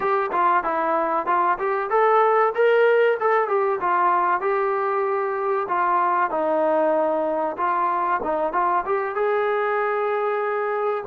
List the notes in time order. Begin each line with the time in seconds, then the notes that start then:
0.00 G4
0.32 F4
0.63 E4
1.26 F4
1.58 G4
1.90 A4
2.54 A#4
3.20 A4
3.48 G4
3.80 F4
4.40 G4
5.68 F4
6.30 D#4
7.57 F4
8.23 D#4
8.52 F4
8.85 G4
9.15 G#4